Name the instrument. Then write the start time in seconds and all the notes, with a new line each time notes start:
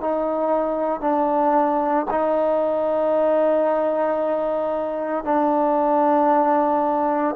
trombone
0.00 D#4
1.01 D4
2.10 D#4
5.24 D4